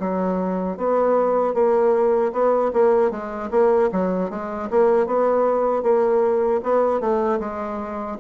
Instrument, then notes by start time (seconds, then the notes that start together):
bassoon
0.00 F#3
0.78 B3
1.54 A#3
2.33 B3
2.73 A#3
3.11 G#3
3.51 A#3
3.92 F#3
4.31 G#3
4.71 A#3
5.07 B3
5.83 A#3
6.64 B3
7.01 A3
7.40 G#3